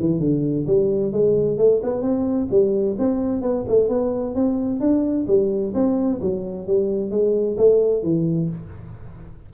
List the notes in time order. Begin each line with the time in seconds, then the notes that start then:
0.00 E3
0.20 D3
0.67 G3
1.12 G#3
1.58 A3
1.83 B3
2.02 C4
2.50 G3
2.99 C4
3.42 B3
3.68 A3
3.89 B3
4.35 C4
4.80 D4
5.27 G3
5.74 C4
6.21 F#3
6.67 G3
7.11 G#3
7.58 A3
8.03 E3